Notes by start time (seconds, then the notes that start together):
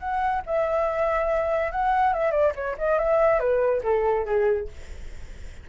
0.00 F#5
0.46 E5
1.72 F#5
2.14 E5
2.32 D5
2.56 C#5
2.79 D#5
2.99 E5
3.40 B4
3.84 A4
4.26 G#4